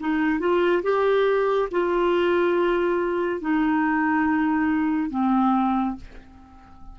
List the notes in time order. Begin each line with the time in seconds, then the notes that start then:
0.00 D#4
0.40 F4
0.83 G4
1.71 F4
3.41 D#4
5.10 C4